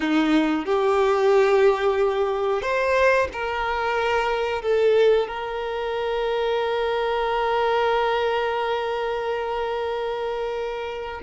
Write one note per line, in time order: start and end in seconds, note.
0.00 0.65 D#4
0.65 2.62 G4
2.62 3.28 C5
3.32 4.62 A#4
4.62 5.27 A4
5.27 11.21 A#4